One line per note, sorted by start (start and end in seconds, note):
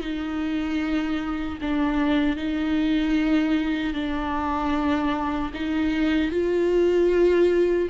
0.00 1.58 D#4
1.61 2.36 D4
2.36 3.93 D#4
3.93 5.51 D4
5.53 6.31 D#4
6.31 7.88 F4